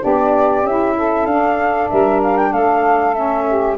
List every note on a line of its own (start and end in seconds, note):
0.00 0.63 B3
0.00 0.62 D4
0.00 0.95 G4
0.00 0.66 D5
0.63 1.25 C#4
0.63 1.29 E4
0.63 1.26 E5
0.97 1.90 A4
1.25 1.88 D4
1.25 3.14 D4
1.25 1.88 F5
1.89 2.52 G3
1.89 2.50 A#4
1.89 2.20 E5
2.23 2.37 F5
2.37 2.52 G5
2.50 3.77 A3
2.50 3.43 A4
2.50 3.14 F5
3.14 3.77 C#4
3.14 3.76 E5
3.48 3.78 G4